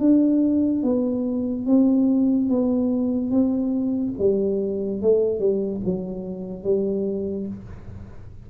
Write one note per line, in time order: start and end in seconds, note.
0.00 0.83 D4
0.83 1.66 B3
1.66 2.50 C4
2.50 3.31 B3
3.31 4.14 C4
4.19 5.02 G3
5.02 5.40 A3
5.40 5.81 G3
5.85 6.64 F#3
6.64 7.47 G3